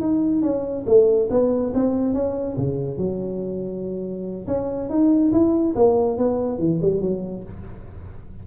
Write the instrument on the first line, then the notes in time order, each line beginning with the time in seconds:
tuba
0.00 D#4
0.42 C#4
0.87 A3
1.30 B3
1.74 C4
2.14 C#4
2.57 C#3
2.97 F#3
4.47 C#4
4.89 D#4
5.32 E4
5.75 A#3
6.18 B3
6.58 E3
6.82 G3
7.01 F#3